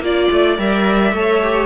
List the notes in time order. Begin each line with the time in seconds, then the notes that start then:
0.00 A#3 F4 D5
0.31 A3
0.58 G3 A#4 E5
1.12 A3 A4 C#5
1.42 G4